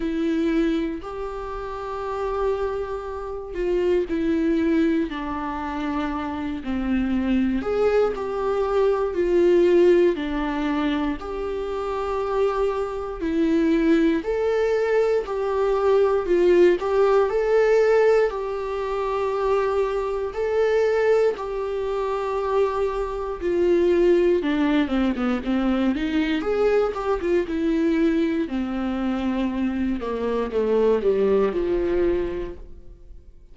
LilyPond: \new Staff \with { instrumentName = "viola" } { \time 4/4 \tempo 4 = 59 e'4 g'2~ g'8 f'8 | e'4 d'4. c'4 gis'8 | g'4 f'4 d'4 g'4~ | g'4 e'4 a'4 g'4 |
f'8 g'8 a'4 g'2 | a'4 g'2 f'4 | d'8 c'16 b16 c'8 dis'8 gis'8 g'16 f'16 e'4 | c'4. ais8 a8 g8 f4 | }